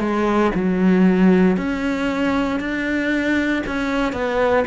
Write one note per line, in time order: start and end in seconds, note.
0.00 0.52 G#3
0.55 1.57 F#3
1.57 2.60 C#4
2.60 3.63 D4
3.67 4.13 C#4
4.13 4.65 B3